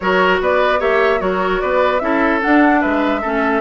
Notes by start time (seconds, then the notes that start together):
0.00 F#3 F#4 A#4 C#5
0.40 B3 B4 D5
0.79 A#3 G4 C#5 E5
1.18 F#3 F#4 A#4 C#5
1.60 B3 B4 D5
1.99 C#4 E4 A4 E5
2.41 D4 F#5
2.80 G#3 B4 E5
3.21 A3 C#4 A4